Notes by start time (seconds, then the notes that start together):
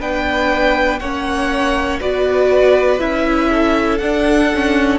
0.00 B3 D4 B4 G5
1.00 A#3 C#4 C#5 F#5
2.00 B3 F#4 B4 D5
2.99 C#4 E4 E5
3.51 A4
3.98 D4 F#5
4.55 C#4